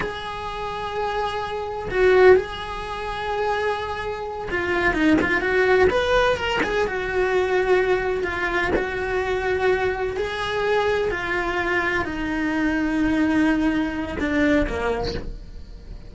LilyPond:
\new Staff \with { instrumentName = "cello" } { \time 4/4 \tempo 4 = 127 gis'1 | fis'4 gis'2.~ | gis'4. f'4 dis'8 f'8 fis'8~ | fis'8 b'4 ais'8 gis'8 fis'4.~ |
fis'4. f'4 fis'4.~ | fis'4. gis'2 f'8~ | f'4. dis'2~ dis'8~ | dis'2 d'4 ais4 | }